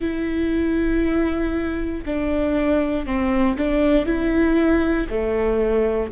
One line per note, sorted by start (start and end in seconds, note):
0.00 2.04 E4
2.05 3.06 D4
3.06 3.56 C4
3.57 4.05 D4
4.05 5.07 E4
5.09 6.11 A3